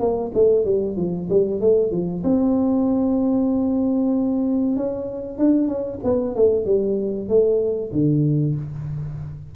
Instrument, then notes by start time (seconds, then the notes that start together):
tuba
0.00 A#3
0.34 A3
0.65 G3
0.96 F3
1.29 G3
1.60 A3
1.91 F3
2.24 C4
4.76 C#4
5.38 D4
5.68 C#4
6.04 B3
6.35 A3
6.65 G3
7.29 A3
7.92 D3